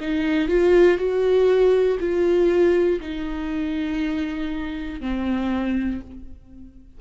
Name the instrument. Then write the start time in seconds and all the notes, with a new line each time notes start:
viola
0.00 D#4
0.49 F4
0.98 F#4
2.00 F4
3.01 D#4
5.00 C4